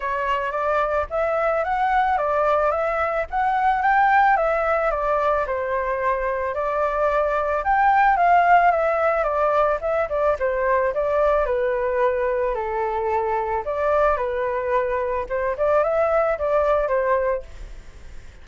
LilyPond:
\new Staff \with { instrumentName = "flute" } { \time 4/4 \tempo 4 = 110 cis''4 d''4 e''4 fis''4 | d''4 e''4 fis''4 g''4 | e''4 d''4 c''2 | d''2 g''4 f''4 |
e''4 d''4 e''8 d''8 c''4 | d''4 b'2 a'4~ | a'4 d''4 b'2 | c''8 d''8 e''4 d''4 c''4 | }